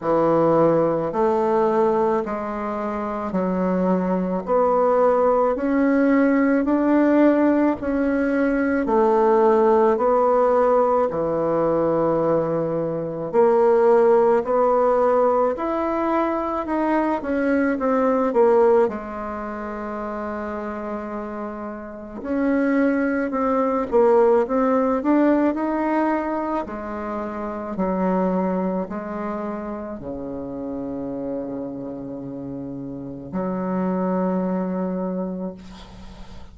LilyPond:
\new Staff \with { instrumentName = "bassoon" } { \time 4/4 \tempo 4 = 54 e4 a4 gis4 fis4 | b4 cis'4 d'4 cis'4 | a4 b4 e2 | ais4 b4 e'4 dis'8 cis'8 |
c'8 ais8 gis2. | cis'4 c'8 ais8 c'8 d'8 dis'4 | gis4 fis4 gis4 cis4~ | cis2 fis2 | }